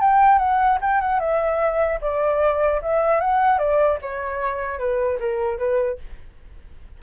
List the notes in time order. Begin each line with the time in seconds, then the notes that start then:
0.00 G5
0.38 F#5
0.81 G5
1.00 F#5
1.19 E5
2.01 D5
2.82 E5
3.20 F#5
3.58 D5
4.01 C#5
4.78 B4
5.19 A#4
5.58 B4